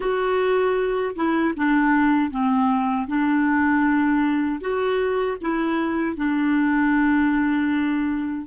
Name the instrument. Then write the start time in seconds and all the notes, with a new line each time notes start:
clarinet
0.00 F#4
1.15 E4
1.56 D4
2.30 C4
3.07 D4
4.60 F#4
5.41 E4
6.16 D4